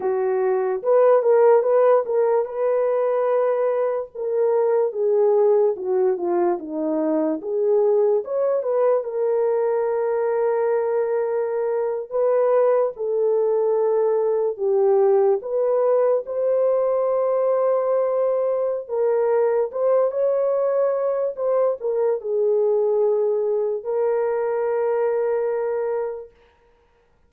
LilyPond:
\new Staff \with { instrumentName = "horn" } { \time 4/4 \tempo 4 = 73 fis'4 b'8 ais'8 b'8 ais'8 b'4~ | b'4 ais'4 gis'4 fis'8 f'8 | dis'4 gis'4 cis''8 b'8 ais'4~ | ais'2~ ais'8. b'4 a'16~ |
a'4.~ a'16 g'4 b'4 c''16~ | c''2. ais'4 | c''8 cis''4. c''8 ais'8 gis'4~ | gis'4 ais'2. | }